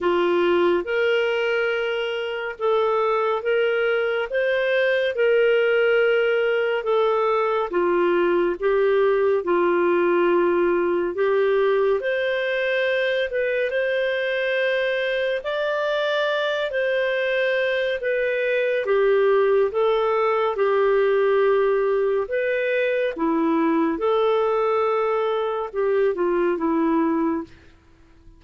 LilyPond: \new Staff \with { instrumentName = "clarinet" } { \time 4/4 \tempo 4 = 70 f'4 ais'2 a'4 | ais'4 c''4 ais'2 | a'4 f'4 g'4 f'4~ | f'4 g'4 c''4. b'8 |
c''2 d''4. c''8~ | c''4 b'4 g'4 a'4 | g'2 b'4 e'4 | a'2 g'8 f'8 e'4 | }